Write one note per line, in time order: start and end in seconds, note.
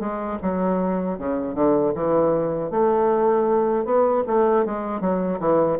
0.00 0.38 G#3
0.42 1.18 F#3
1.18 1.55 C#3
1.55 1.93 D3
1.94 2.71 E3
2.71 3.85 A3
3.85 4.23 B3
4.27 4.65 A3
4.65 5.01 G#3
5.01 5.39 F#3
5.40 5.78 E3